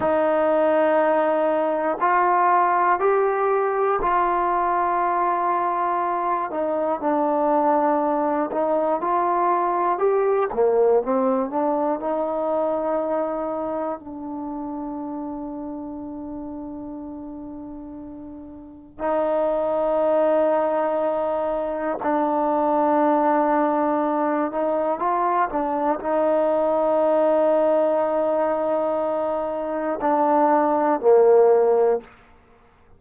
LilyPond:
\new Staff \with { instrumentName = "trombone" } { \time 4/4 \tempo 4 = 60 dis'2 f'4 g'4 | f'2~ f'8 dis'8 d'4~ | d'8 dis'8 f'4 g'8 ais8 c'8 d'8 | dis'2 d'2~ |
d'2. dis'4~ | dis'2 d'2~ | d'8 dis'8 f'8 d'8 dis'2~ | dis'2 d'4 ais4 | }